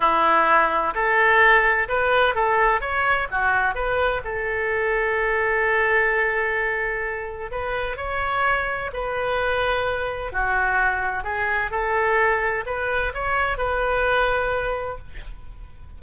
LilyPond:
\new Staff \with { instrumentName = "oboe" } { \time 4/4 \tempo 4 = 128 e'2 a'2 | b'4 a'4 cis''4 fis'4 | b'4 a'2.~ | a'1 |
b'4 cis''2 b'4~ | b'2 fis'2 | gis'4 a'2 b'4 | cis''4 b'2. | }